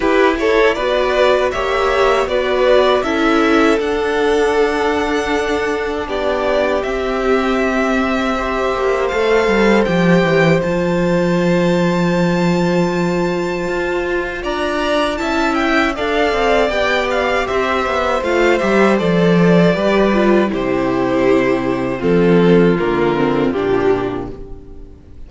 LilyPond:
<<
  \new Staff \with { instrumentName = "violin" } { \time 4/4 \tempo 4 = 79 b'8 cis''8 d''4 e''4 d''4 | e''4 fis''2. | d''4 e''2. | f''4 g''4 a''2~ |
a''2. ais''4 | a''8 g''8 f''4 g''8 f''8 e''4 | f''8 e''8 d''2 c''4~ | c''4 a'4 ais'4 g'4 | }
  \new Staff \with { instrumentName = "violin" } { \time 4/4 g'8 a'8 b'4 cis''4 b'4 | a'1 | g'2. c''4~ | c''1~ |
c''2. d''4 | e''4 d''2 c''4~ | c''2 b'4 g'4~ | g'4 f'2. | }
  \new Staff \with { instrumentName = "viola" } { \time 4/4 e'4 fis'4 g'4 fis'4 | e'4 d'2.~ | d'4 c'2 g'4 | a'4 g'4 f'2~ |
f'1 | e'4 a'4 g'2 | f'8 g'8 a'4 g'8 f'8 e'4~ | e'4 c'4 ais8 c'8 d'4 | }
  \new Staff \with { instrumentName = "cello" } { \time 4/4 e'4 b4 ais4 b4 | cis'4 d'2. | b4 c'2~ c'8 ais8 | a8 g8 f8 e8 f2~ |
f2 f'4 d'4 | cis'4 d'8 c'8 b4 c'8 b8 | a8 g8 f4 g4 c4~ | c4 f4 d4 ais,4 | }
>>